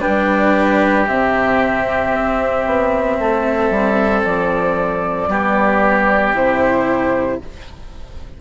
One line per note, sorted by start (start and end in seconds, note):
0.00 1.09 G3
0.00 1.05 D4
0.00 3.17 G4
0.00 1.05 B4
1.07 2.12 C3
1.07 5.29 C4
1.07 4.23 E5
2.12 2.65 C4
2.66 3.19 B3
3.20 3.70 A3
3.20 5.29 A4
3.70 4.23 G3
4.24 5.27 F3
4.24 6.35 D5
5.27 6.33 G3
5.27 6.33 B3
5.27 7.40 G4
6.33 7.40 C3
6.33 7.38 E4
6.33 7.41 C5